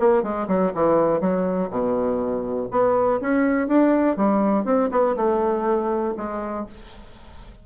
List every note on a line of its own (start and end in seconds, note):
0.00 0.23 A#3
0.23 0.47 G#3
0.48 0.73 F#3
0.74 1.20 E3
1.20 1.70 F#3
1.70 2.69 B2
2.71 3.20 B3
3.21 3.68 C#4
3.68 4.17 D4
4.17 4.65 G3
4.65 4.90 C4
4.91 5.16 B3
5.16 6.15 A3
6.17 6.66 G#3